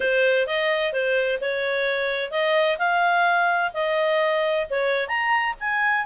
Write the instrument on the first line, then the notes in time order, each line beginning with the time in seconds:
clarinet
0.00 C5
0.46 D#5
0.92 C5
1.40 C#5
2.31 D#5
2.78 F5
3.73 D#5
4.70 C#5
5.07 A#5
5.60 G#5